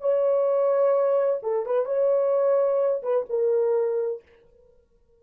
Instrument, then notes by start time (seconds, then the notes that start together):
horn
0.00 C#5
1.42 A4
1.65 B4
1.85 C#5
3.02 B4
3.29 A#4